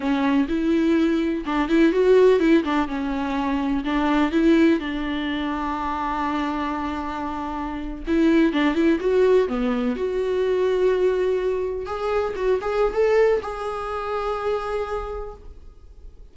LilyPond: \new Staff \with { instrumentName = "viola" } { \time 4/4 \tempo 4 = 125 cis'4 e'2 d'8 e'8 | fis'4 e'8 d'8 cis'2 | d'4 e'4 d'2~ | d'1~ |
d'8. e'4 d'8 e'8 fis'4 b16~ | b8. fis'2.~ fis'16~ | fis'8. gis'4 fis'8 gis'8. a'4 | gis'1 | }